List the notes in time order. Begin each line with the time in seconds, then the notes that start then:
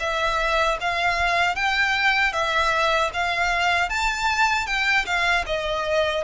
0.00 E5
0.81 F5
1.56 G5
2.33 E5
3.14 F5
3.90 A5
4.67 G5
5.06 F5
5.47 D#5